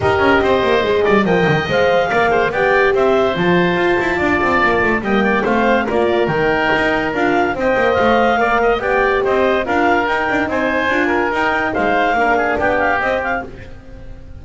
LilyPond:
<<
  \new Staff \with { instrumentName = "clarinet" } { \time 4/4 \tempo 4 = 143 dis''2. g''4 | f''2 g''4 e''4 | a''1 | g''4 f''4 d''4 g''4~ |
g''4 f''4 g''4 f''4~ | f''4 g''4 dis''4 f''4 | g''4 gis''2 g''4 | f''2 g''8 f''8 dis''8 f''8 | }
  \new Staff \with { instrumentName = "oboe" } { \time 4/4 ais'4 c''4. d''8 dis''4~ | dis''4 d''8 c''8 d''4 c''4~ | c''2 d''2 | dis''8 d''8 c''4 ais'2~ |
ais'2 dis''2 | d''8 dis''8 d''4 c''4 ais'4~ | ais'4 c''4. ais'4. | c''4 ais'8 gis'8 g'2 | }
  \new Staff \with { instrumentName = "horn" } { \time 4/4 g'2 gis'4 ais'4 | c''4 ais'8 gis'8 g'2 | f'1 | ais4 c'4 f'4 dis'4~ |
dis'4 f'4 c''2 | ais'4 g'2 f'4 | dis'2 f'4 dis'4~ | dis'4 d'2 c'4 | }
  \new Staff \with { instrumentName = "double bass" } { \time 4/4 dis'8 cis'8 c'8 ais8 gis8 g8 f8 dis8 | gis4 ais4 b4 c'4 | f4 f'8 e'8 d'8 c'8 ais8 a8 | g4 a4 ais4 dis4 |
dis'4 d'4 c'8 ais8 a4 | ais4 b4 c'4 d'4 | dis'8 d'8 c'4 d'4 dis'4 | gis4 ais4 b4 c'4 | }
>>